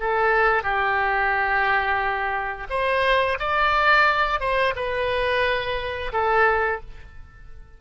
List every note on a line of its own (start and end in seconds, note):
0.00 0.63 A4
0.63 2.68 G4
2.70 3.38 C5
3.40 4.40 D5
4.40 4.74 C5
4.76 6.12 B4
6.13 6.81 A4